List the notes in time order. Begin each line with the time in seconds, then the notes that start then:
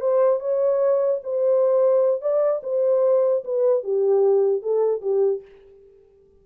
0.00 C5
0.40 C#5
1.23 C5
2.21 D5
2.63 C5
3.44 B4
3.83 G4
4.62 A4
5.01 G4